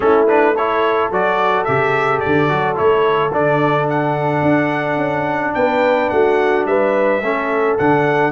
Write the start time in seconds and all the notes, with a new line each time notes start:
0.00 A3 C#4 E4 A4
0.27 D4 B4
0.54 E4 A4 C#5
1.10 F#3 F#4 D5
1.64 C#3 G4 E5
2.19 D5
2.25 D3
2.48 F#3 F#4
2.75 A3 E4 C#5
3.32 D3 D4 D5
3.89 F#5
4.41 D4
4.96 C#4
5.54 B3 B4 G5
6.09 A3 F#4 F#5
6.65 G3 B4 E5
7.21 A3 C#4 A4
7.77 D3 D4 F#5